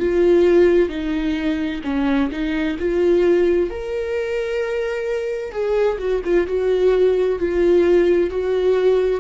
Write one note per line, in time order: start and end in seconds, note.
0.00 0.89 F4
0.89 1.82 D#4
1.84 2.30 C#4
2.32 2.78 D#4
2.79 3.70 F4
3.70 5.52 A#4
5.52 5.98 G#4
5.98 6.21 F#4
6.24 6.47 F4
6.47 7.39 F#4
7.39 8.30 F4
8.30 9.21 F#4